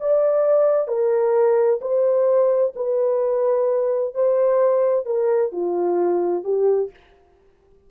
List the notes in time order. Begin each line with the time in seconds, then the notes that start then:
0.00 D5
0.88 A#4
1.81 C5
2.76 B4
4.14 C5
5.06 A#4
5.52 F4
6.44 G4